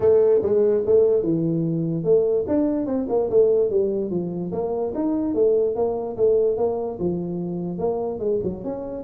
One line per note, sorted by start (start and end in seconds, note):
0.00 0.41 A3
0.42 0.83 G#3
0.86 1.22 A3
1.22 2.04 E3
2.04 2.45 A3
2.47 2.86 D4
2.86 3.07 C4
3.08 3.29 A#3
3.30 3.70 A3
3.70 4.10 G3
4.10 4.51 F3
4.51 4.93 A#3
4.94 5.34 D#4
5.34 5.75 A3
5.75 6.16 A#3
6.16 6.57 A3
6.57 6.98 A#3
6.99 7.78 F3
7.78 8.19 A#3
8.19 8.39 G#3
8.43 8.63 F#3
8.64 9.03 C#4